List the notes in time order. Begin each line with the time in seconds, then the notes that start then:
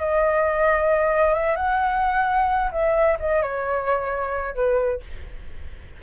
0.00 D#5
1.34 E5
1.57 F#5
2.72 E5
3.20 D#5
3.42 C#5
4.55 B4